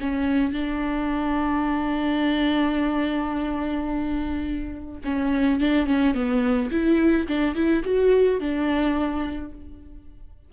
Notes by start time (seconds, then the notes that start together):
0.00 C#4
0.52 D4
5.04 C#4
5.60 D4
5.86 C#4
6.14 B3
6.71 E4
7.27 D4
7.55 E4
7.84 F#4
8.40 D4